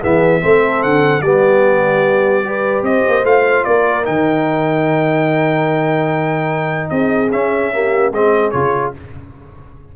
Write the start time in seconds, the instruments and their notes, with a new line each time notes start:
0.00 tuba E3, trombone B3, horn G#4, trumpet E5
0.41 tuba A3, trombone C4, horn A4
0.83 tuba D3, trumpet F#5
1.21 tuba G3, trombone B3, horn G4, trumpet D5
2.44 trombone G4, horn B4
2.82 tuba C4, horn C5, trumpet D#5
3.08 tuba A#3
3.23 tuba A3, trombone F4, trumpet F5
3.64 tuba A#3, horn A#4, trumpet D5
4.03 tuba D#3, trombone D#4, trumpet G5
6.89 tuba C4, horn G#4, trumpet D#5
7.31 tuba C#4, trombone C#4, trumpet E5
7.72 trombone A#3, horn G4
8.11 tuba G#3, trombone C4, horn G#4, trumpet D#5
8.50 tuba C#3, trombone F4, trumpet C#5